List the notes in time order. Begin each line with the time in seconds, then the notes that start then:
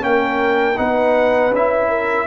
0.00 A#3 C#4 A#4 G5
0.77 B3 D#4 B4 F#5
1.51 C#4 E4 E5
1.89 A#4